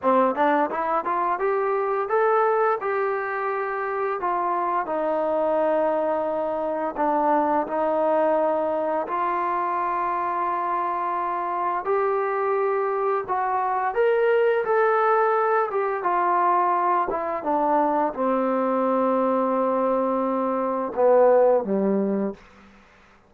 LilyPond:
\new Staff \with { instrumentName = "trombone" } { \time 4/4 \tempo 4 = 86 c'8 d'8 e'8 f'8 g'4 a'4 | g'2 f'4 dis'4~ | dis'2 d'4 dis'4~ | dis'4 f'2.~ |
f'4 g'2 fis'4 | ais'4 a'4. g'8 f'4~ | f'8 e'8 d'4 c'2~ | c'2 b4 g4 | }